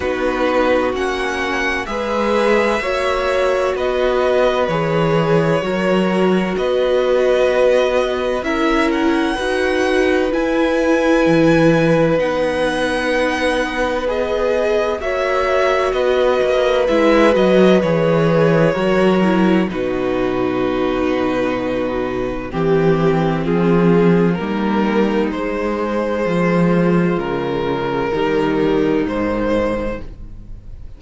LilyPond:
<<
  \new Staff \with { instrumentName = "violin" } { \time 4/4 \tempo 4 = 64 b'4 fis''4 e''2 | dis''4 cis''2 dis''4~ | dis''4 e''8 fis''4. gis''4~ | gis''4 fis''2 dis''4 |
e''4 dis''4 e''8 dis''8 cis''4~ | cis''4 b'2. | g'4 gis'4 ais'4 c''4~ | c''4 ais'2 c''4 | }
  \new Staff \with { instrumentName = "violin" } { \time 4/4 fis'2 b'4 cis''4 | b'2 ais'4 b'4~ | b'4 ais'4 b'2~ | b'1 |
cis''4 b'2. | ais'4 fis'2. | g'4 f'4 dis'2 | f'2 dis'2 | }
  \new Staff \with { instrumentName = "viola" } { \time 4/4 dis'4 cis'4 gis'4 fis'4~ | fis'4 gis'4 fis'2~ | fis'4 e'4 fis'4 e'4~ | e'4 dis'2 gis'4 |
fis'2 e'8 fis'8 gis'4 | fis'8 e'8 dis'2. | c'2 ais4 gis4~ | gis2 g4 dis4 | }
  \new Staff \with { instrumentName = "cello" } { \time 4/4 b4 ais4 gis4 ais4 | b4 e4 fis4 b4~ | b4 cis'4 dis'4 e'4 | e4 b2. |
ais4 b8 ais8 gis8 fis8 e4 | fis4 b,2. | e4 f4 g4 gis4 | f4 cis4 dis4 gis,4 | }
>>